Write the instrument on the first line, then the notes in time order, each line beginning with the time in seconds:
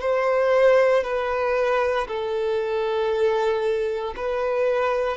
violin
0.00 C5
1.03 B4
2.07 A4
4.16 B4